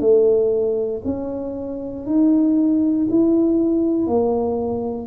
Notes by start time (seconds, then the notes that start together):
0.00 A3
1.04 C#4
2.06 D#4
3.09 E4
4.07 A#3